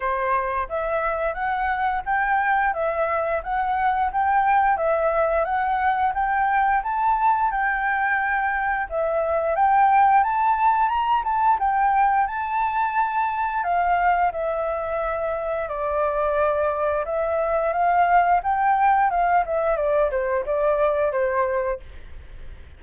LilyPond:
\new Staff \with { instrumentName = "flute" } { \time 4/4 \tempo 4 = 88 c''4 e''4 fis''4 g''4 | e''4 fis''4 g''4 e''4 | fis''4 g''4 a''4 g''4~ | g''4 e''4 g''4 a''4 |
ais''8 a''8 g''4 a''2 | f''4 e''2 d''4~ | d''4 e''4 f''4 g''4 | f''8 e''8 d''8 c''8 d''4 c''4 | }